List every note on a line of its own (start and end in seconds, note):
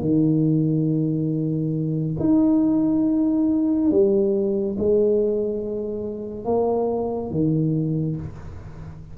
0.00 2.14 D#3
2.19 3.91 D#4
3.91 4.76 G3
4.78 6.45 G#3
6.45 7.31 A#3
7.31 8.16 D#3